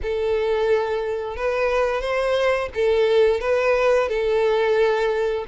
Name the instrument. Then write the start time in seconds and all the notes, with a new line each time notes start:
violin
0.02 A4
1.36 B4
2.01 C5
2.74 A4
3.40 B4
4.08 A4